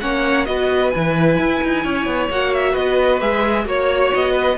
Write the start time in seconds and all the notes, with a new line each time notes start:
0.00 A#3 C#4 C#5 F#5
0.45 B3 F#4 B4 D#5
0.90 E3 E4 G#5
1.38 E4
1.63 D#4
1.83 C#4 C#5
2.06 B3
2.29 A#3 F#4 F#5
2.54 E5
2.72 B3 B4 D#5
3.20 G#3 G#4 E5
3.64 A#3 F#4 C#5
4.14 B3 D#5
4.31 B4